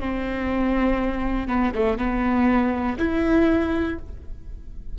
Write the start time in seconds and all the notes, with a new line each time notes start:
0.00 C4
1.48 B3
1.75 A3
1.98 B3
2.99 E4